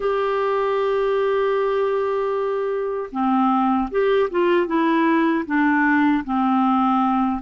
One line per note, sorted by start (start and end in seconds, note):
0.00 3.10 G4
3.11 3.89 C4
3.90 4.29 G4
4.30 4.66 F4
4.66 5.44 E4
5.45 6.23 D4
6.24 7.41 C4